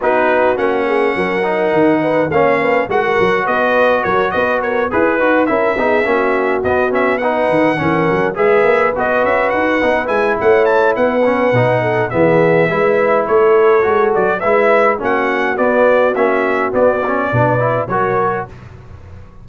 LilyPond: <<
  \new Staff \with { instrumentName = "trumpet" } { \time 4/4 \tempo 4 = 104 b'4 fis''2. | f''4 fis''4 dis''4 cis''8 dis''8 | cis''8 b'4 e''2 dis''8 | e''8 fis''2 e''4 dis''8 |
e''8 fis''4 gis''8 fis''8 a''8 fis''4~ | fis''4 e''2 cis''4~ | cis''8 d''8 e''4 fis''4 d''4 | e''4 d''2 cis''4 | }
  \new Staff \with { instrumentName = "horn" } { \time 4/4 fis'4. gis'8 ais'4. b'8 | cis''8 b'8 ais'4 b'4 ais'8 b'8 | ais'8 b'4 ais'8 gis'8 fis'4.~ | fis'8 b'4 ais'4 b'4.~ |
b'2 cis''4 b'4~ | b'8 a'8 gis'4 b'4 a'4~ | a'4 b'4 fis'2~ | fis'2 b'4 ais'4 | }
  \new Staff \with { instrumentName = "trombone" } { \time 4/4 dis'4 cis'4. dis'4. | cis'4 fis'2.~ | fis'8 gis'8 fis'8 e'8 dis'8 cis'4 b8 | cis'8 dis'4 cis'4 gis'4 fis'8~ |
fis'4 dis'8 e'2 cis'8 | dis'4 b4 e'2 | fis'4 e'4 cis'4 b4 | cis'4 b8 cis'8 d'8 e'8 fis'4 | }
  \new Staff \with { instrumentName = "tuba" } { \time 4/4 b4 ais4 fis4 dis4 | ais4 gis8 fis8 b4 fis8 b8~ | b8 e'8 dis'8 cis'8 b8 ais4 b8~ | b4 dis8 e8 fis8 gis8 ais8 b8 |
cis'8 dis'8 b8 gis8 a4 b4 | b,4 e4 gis4 a4 | gis8 fis8 gis4 ais4 b4 | ais4 b4 b,4 fis4 | }
>>